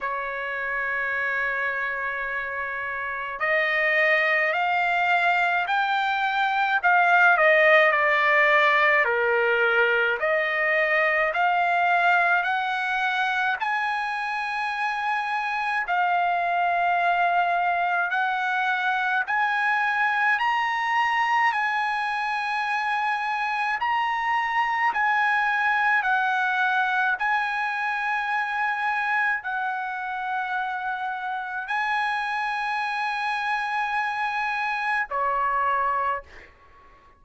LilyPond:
\new Staff \with { instrumentName = "trumpet" } { \time 4/4 \tempo 4 = 53 cis''2. dis''4 | f''4 g''4 f''8 dis''8 d''4 | ais'4 dis''4 f''4 fis''4 | gis''2 f''2 |
fis''4 gis''4 ais''4 gis''4~ | gis''4 ais''4 gis''4 fis''4 | gis''2 fis''2 | gis''2. cis''4 | }